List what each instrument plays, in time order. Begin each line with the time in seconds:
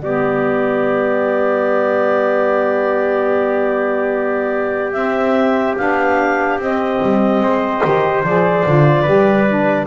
0.00 double bass G3, saxophone B3, trumpet G4, clarinet D5
4.92 double bass C4, saxophone C4, clarinet E5
5.77 double bass B3, saxophone D4, clarinet F5
6.58 double bass C4, saxophone C4, clarinet D#5
7.02 double bass G3
7.40 double bass G#3, trumpet C5
7.83 double bass D#3, saxophone G4
8.23 double bass F3, saxophone G#4, clarinet D5
8.66 double bass D3, saxophone F4
9.02 double bass G3, saxophone G4, trumpet B4
9.47 saxophone D4